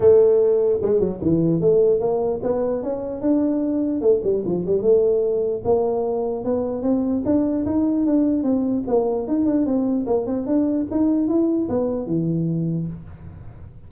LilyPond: \new Staff \with { instrumentName = "tuba" } { \time 4/4 \tempo 4 = 149 a2 gis8 fis8 e4 | a4 ais4 b4 cis'4 | d'2 a8 g8 f8 g8 | a2 ais2 |
b4 c'4 d'4 dis'4 | d'4 c'4 ais4 dis'8 d'8 | c'4 ais8 c'8 d'4 dis'4 | e'4 b4 e2 | }